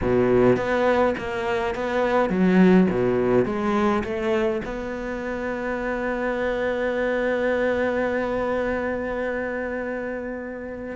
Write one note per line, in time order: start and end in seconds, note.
0.01 0.56 B2
0.56 1.14 B3
1.17 1.74 A#3
1.74 2.29 B3
2.29 2.87 F#3
2.90 3.45 B2
3.45 4.03 G#3
4.04 4.61 A3
4.64 10.95 B3